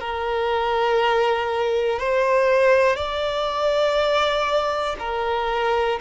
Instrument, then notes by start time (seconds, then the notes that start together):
violin
0.00 A#4
1.99 C5
2.95 D5
4.99 A#4